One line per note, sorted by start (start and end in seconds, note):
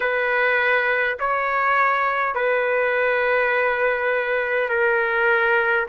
0.00 1.17 B4
1.19 2.34 C#5
2.34 4.69 B4
4.69 5.87 A#4